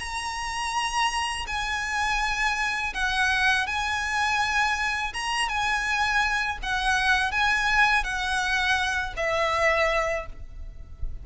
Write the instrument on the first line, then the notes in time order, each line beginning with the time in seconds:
violin
0.00 A#5
1.48 G#5
2.94 F#5
3.67 G#5
5.14 A#5
5.49 G#5
6.63 F#5
7.32 G#5
8.05 F#5
9.17 E5